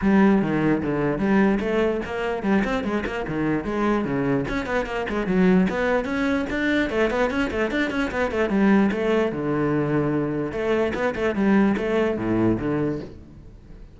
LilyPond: \new Staff \with { instrumentName = "cello" } { \time 4/4 \tempo 4 = 148 g4 dis4 d4 g4 | a4 ais4 g8 c'8 gis8 ais8 | dis4 gis4 cis4 cis'8 b8 | ais8 gis8 fis4 b4 cis'4 |
d'4 a8 b8 cis'8 a8 d'8 cis'8 | b8 a8 g4 a4 d4~ | d2 a4 b8 a8 | g4 a4 a,4 d4 | }